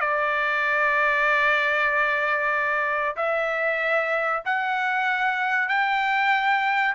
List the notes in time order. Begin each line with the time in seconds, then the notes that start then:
0.00 D5
3.16 E5
4.45 F#5
5.68 G5